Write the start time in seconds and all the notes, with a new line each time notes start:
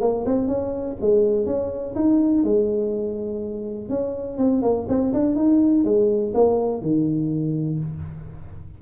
0.00 A#3
0.25 C4
0.47 C#4
1.00 G#3
1.45 C#4
1.95 D#4
2.43 G#3
3.89 C#4
4.37 C4
4.61 A#3
4.88 C4
5.13 D4
5.35 D#4
5.84 G#3
6.33 A#3
6.81 D#3